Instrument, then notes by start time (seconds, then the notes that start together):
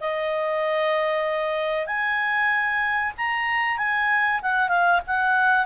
clarinet
0.00 D#5
1.86 G#5
3.17 A#5
3.77 G#5
4.42 F#5
4.68 F5
5.07 F#5